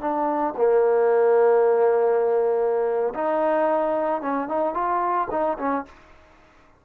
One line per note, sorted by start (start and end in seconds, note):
0.00 0.54 D4
0.57 3.13 A#3
3.14 4.22 D#4
4.22 4.48 C#4
4.48 4.74 D#4
4.74 5.28 F4
5.31 5.58 D#4
5.58 5.85 C#4